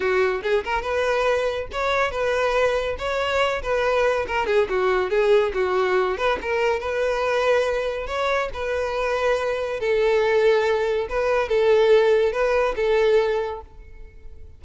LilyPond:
\new Staff \with { instrumentName = "violin" } { \time 4/4 \tempo 4 = 141 fis'4 gis'8 ais'8 b'2 | cis''4 b'2 cis''4~ | cis''8 b'4. ais'8 gis'8 fis'4 | gis'4 fis'4. b'8 ais'4 |
b'2. cis''4 | b'2. a'4~ | a'2 b'4 a'4~ | a'4 b'4 a'2 | }